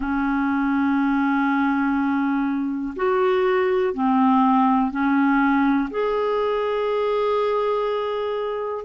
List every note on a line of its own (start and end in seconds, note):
0.00 2.94 C#4
2.96 3.93 F#4
3.93 4.90 C4
4.90 5.89 C#4
5.90 8.84 G#4